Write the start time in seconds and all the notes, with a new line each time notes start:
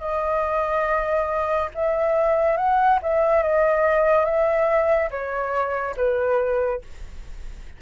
0.00 D#5
1.74 E5
2.57 F#5
3.02 E5
3.43 D#5
4.25 E5
5.10 C#5
5.97 B4